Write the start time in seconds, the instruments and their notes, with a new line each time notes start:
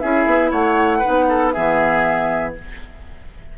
0.00 bassoon C#4, clarinet E4, oboe G#4, flute E5
0.26 bassoon B3
0.51 bassoon A3, oboe C#5, flute F#5
0.99 clarinet D#4, oboe B4
1.08 bassoon B3
1.29 oboe A4
1.52 bassoon E3, clarinet B3, oboe G#4, flute E5